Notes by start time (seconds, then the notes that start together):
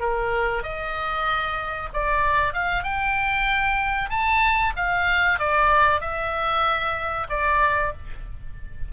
0.00 A#4
0.63 D#5
1.93 D5
2.53 F5
2.84 G5
4.10 A5
4.76 F5
5.39 D5
6.01 E5
7.29 D5